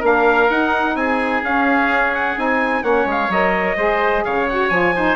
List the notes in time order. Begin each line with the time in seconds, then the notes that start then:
0.00 A#3 D4 A#4 F5
0.50 D#4 F#5
0.95 C4 G#4 G#5
1.43 C#4 F5
2.15 F#5
2.37 C4 D#4 G#5
2.83 A#3 C#4 C#5 F#5
3.06 G#3 F5
3.29 F#3 A#4 D#5
3.77 G#3 G#4 C5
4.25 C#3 C#5 F5
4.49 F#4 F#5
4.70 F3 F4 G#5
4.95 D#4 C5